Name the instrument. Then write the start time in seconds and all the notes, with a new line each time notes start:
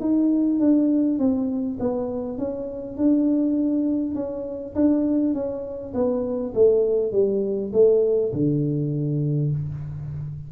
tuba
0.00 D#4
0.60 D4
1.19 C4
1.80 B3
2.38 C#4
2.97 D4
4.15 C#4
4.75 D4
5.34 C#4
5.94 B3
6.54 A3
7.12 G3
7.73 A3
8.32 D3